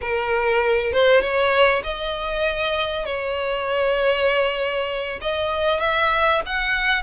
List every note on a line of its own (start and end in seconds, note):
0.01 0.92 A#4
0.92 1.21 C5
1.21 1.82 C#5
1.83 3.05 D#5
3.05 5.19 C#5
5.21 5.80 D#5
5.80 6.41 E5
6.45 7.02 F#5